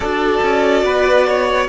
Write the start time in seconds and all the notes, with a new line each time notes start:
0.00 D4 F#4 A4 D5
0.42 C#4
0.83 B3 B4
1.27 C#5